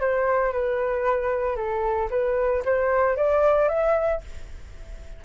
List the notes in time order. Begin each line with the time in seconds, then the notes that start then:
0.00 C5
0.53 B4
1.56 A4
2.10 B4
2.65 C5
3.16 D5
3.68 E5